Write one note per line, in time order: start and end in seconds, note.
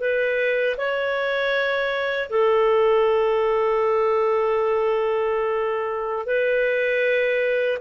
0.00 0.76 B4
0.78 2.30 C#5
2.30 6.26 A4
6.26 7.78 B4